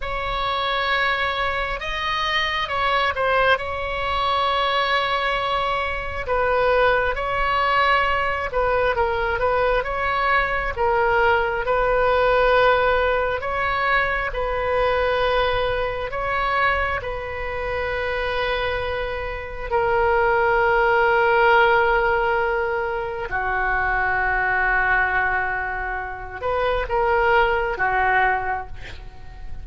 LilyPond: \new Staff \with { instrumentName = "oboe" } { \time 4/4 \tempo 4 = 67 cis''2 dis''4 cis''8 c''8 | cis''2. b'4 | cis''4. b'8 ais'8 b'8 cis''4 | ais'4 b'2 cis''4 |
b'2 cis''4 b'4~ | b'2 ais'2~ | ais'2 fis'2~ | fis'4. b'8 ais'4 fis'4 | }